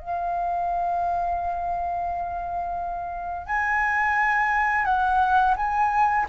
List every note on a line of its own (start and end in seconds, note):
0.00 3.47 F5
3.47 4.85 G#5
4.85 5.55 F#5
5.57 6.26 G#5